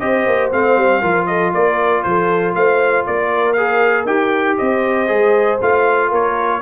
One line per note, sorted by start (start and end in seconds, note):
0.00 0.27 C4
0.00 0.52 G4
0.00 1.02 C5
0.00 0.51 D#5
0.27 0.52 A#3
0.52 0.77 A3
0.52 1.03 C4
0.52 1.27 F5
0.77 1.03 G3
1.02 1.54 F3
1.02 3.57 F4
1.02 1.27 A#4
1.27 1.54 A4
1.27 1.52 D#5
1.54 2.05 A#3
1.54 2.05 A#4
1.54 2.03 D5
2.03 2.56 F3
2.03 2.57 A4
2.03 2.54 C5
2.55 3.06 A3
2.55 3.07 C5
2.55 3.06 F5
3.07 4.06 A#3
3.07 4.58 A#4
3.07 3.54 D5
3.54 4.08 G#4
3.54 4.04 F5
4.06 4.57 D#4
4.06 5.08 G4
4.06 4.57 G5
4.58 5.10 C4
4.58 6.09 C5
4.58 5.60 D#5
5.08 5.61 G#3
5.08 5.59 G#4
5.62 6.12 A3
5.62 6.62 F4
5.62 6.13 F5
6.09 6.62 A#3
6.09 6.60 A#4
6.09 6.62 C#5